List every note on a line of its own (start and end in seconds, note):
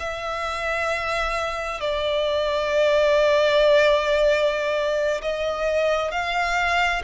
0.00 1.81 E5
1.81 5.21 D5
5.22 6.12 D#5
6.12 7.02 F5